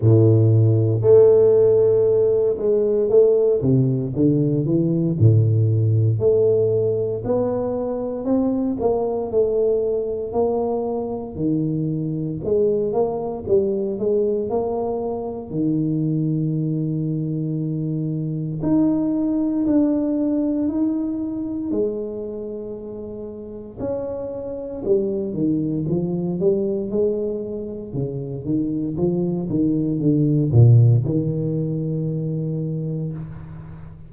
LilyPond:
\new Staff \with { instrumentName = "tuba" } { \time 4/4 \tempo 4 = 58 a,4 a4. gis8 a8 c8 | d8 e8 a,4 a4 b4 | c'8 ais8 a4 ais4 dis4 | gis8 ais8 g8 gis8 ais4 dis4~ |
dis2 dis'4 d'4 | dis'4 gis2 cis'4 | g8 dis8 f8 g8 gis4 cis8 dis8 | f8 dis8 d8 ais,8 dis2 | }